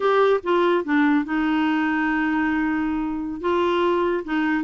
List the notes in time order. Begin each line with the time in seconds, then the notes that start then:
0.00 G4
0.43 F4
0.84 D4
1.25 D#4
3.40 F4
4.24 D#4